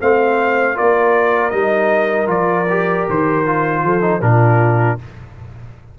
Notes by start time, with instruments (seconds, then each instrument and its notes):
0.00 tuba A3, trombone C4, horn C5, trumpet F5
0.74 tuba A#3, trombone F4, horn A#4, trumpet D5
1.50 tuba G3, trombone D#4, trumpet D#5
2.27 tuba F3, trombone F4, trumpet D5
2.70 trombone G4
3.09 tuba D#3, trumpet C5
3.46 trombone F4
3.84 tuba F3, horn A4
4.01 trombone D#4
4.21 tuba A#2, trombone D4, horn F4, trumpet A#4